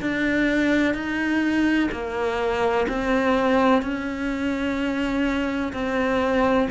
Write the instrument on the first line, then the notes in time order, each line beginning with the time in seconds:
cello
0.00 D4
0.94 D#4
1.91 A#3
2.88 C4
3.82 C#4
5.72 C4